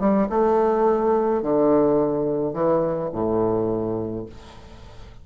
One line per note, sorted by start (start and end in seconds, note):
0.00 0.28 G3
0.30 1.43 A3
1.43 2.54 D3
2.54 3.10 E3
3.13 4.26 A2